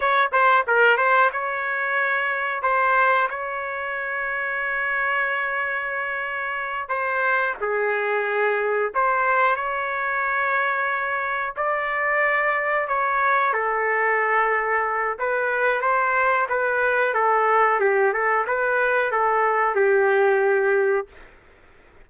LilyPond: \new Staff \with { instrumentName = "trumpet" } { \time 4/4 \tempo 4 = 91 cis''8 c''8 ais'8 c''8 cis''2 | c''4 cis''2.~ | cis''2~ cis''8 c''4 gis'8~ | gis'4. c''4 cis''4.~ |
cis''4. d''2 cis''8~ | cis''8 a'2~ a'8 b'4 | c''4 b'4 a'4 g'8 a'8 | b'4 a'4 g'2 | }